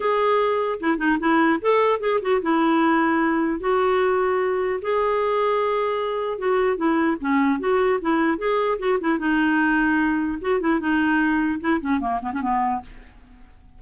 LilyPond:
\new Staff \with { instrumentName = "clarinet" } { \time 4/4 \tempo 4 = 150 gis'2 e'8 dis'8 e'4 | a'4 gis'8 fis'8 e'2~ | e'4 fis'2. | gis'1 |
fis'4 e'4 cis'4 fis'4 | e'4 gis'4 fis'8 e'8 dis'4~ | dis'2 fis'8 e'8 dis'4~ | dis'4 e'8 cis'8 ais8 b16 cis'16 b4 | }